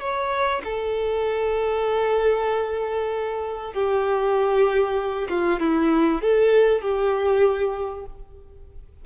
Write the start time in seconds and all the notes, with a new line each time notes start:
0.00 C#5
0.64 A4
3.73 G4
5.29 F4
5.60 E4
6.21 A4
6.82 G4